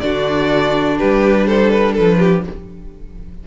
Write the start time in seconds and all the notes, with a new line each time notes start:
0.00 D3 D4 F#4 D5
0.98 G3 G4 B4
1.46 A4 C5
1.71 B4
1.93 F3 A4 B4
2.18 G4